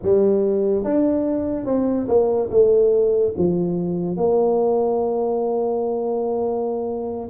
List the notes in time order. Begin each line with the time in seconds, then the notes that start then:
0.02 G3
0.84 D4
1.65 C4
2.08 A#3
2.50 A3
3.37 F3
4.16 A#3